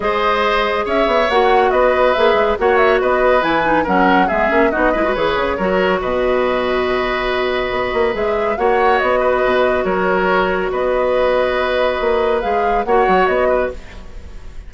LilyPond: <<
  \new Staff \with { instrumentName = "flute" } { \time 4/4 \tempo 4 = 140 dis''2 e''4 fis''4 | dis''4 e''4 fis''8 e''8 dis''4 | gis''4 fis''4 e''4 dis''4 | cis''2 dis''2~ |
dis''2. e''4 | fis''4 dis''2 cis''4~ | cis''4 dis''2.~ | dis''4 f''4 fis''4 dis''4 | }
  \new Staff \with { instrumentName = "oboe" } { \time 4/4 c''2 cis''2 | b'2 cis''4 b'4~ | b'4 ais'4 gis'4 fis'8 b'8~ | b'4 ais'4 b'2~ |
b'1 | cis''4. b'4. ais'4~ | ais'4 b'2.~ | b'2 cis''4. b'8 | }
  \new Staff \with { instrumentName = "clarinet" } { \time 4/4 gis'2. fis'4~ | fis'4 gis'4 fis'2 | e'8 dis'8 cis'4 b8 cis'8 dis'8 e'16 fis'16 | gis'4 fis'2.~ |
fis'2. gis'4 | fis'1~ | fis'1~ | fis'4 gis'4 fis'2 | }
  \new Staff \with { instrumentName = "bassoon" } { \time 4/4 gis2 cis'8 b8 ais4 | b4 ais8 gis8 ais4 b4 | e4 fis4 gis8 ais8 b8 gis8 | e8 cis8 fis4 b,2~ |
b,2 b8 ais8 gis4 | ais4 b4 b,4 fis4~ | fis4 b2. | ais4 gis4 ais8 fis8 b4 | }
>>